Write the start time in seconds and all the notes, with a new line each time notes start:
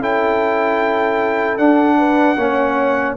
0.00 C#4 E4 A4 G5
1.58 D4 F#5
1.98 B4
2.37 A#3 C#4 C#5